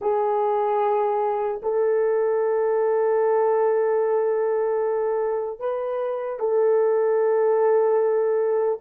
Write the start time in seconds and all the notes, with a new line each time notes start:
0.01 G#4
1.62 A4
5.59 B4
6.39 A4